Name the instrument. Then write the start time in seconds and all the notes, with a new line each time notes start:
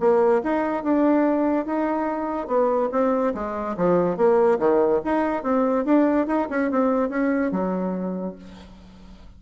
bassoon
0.00 A#3
0.43 D#4
0.84 D4
1.66 D#4
2.48 B3
2.92 C4
3.34 G#3
3.77 F3
4.17 A#3
4.59 D#3
5.04 D#4
5.43 C4
5.85 D4
6.27 D#4
6.50 C#4
6.71 C4
7.09 C#4
7.51 F#3